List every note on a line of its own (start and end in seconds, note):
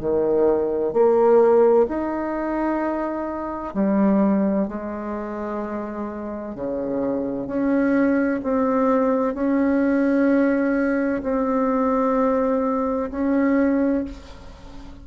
0.00 0.93 D#3
0.93 1.87 A#3
1.89 3.75 D#4
3.75 4.68 G3
4.68 6.55 G#3
6.55 7.47 C#3
7.47 8.41 C#4
8.43 9.35 C4
9.35 11.22 C#4
11.23 13.11 C4
13.11 14.05 C#4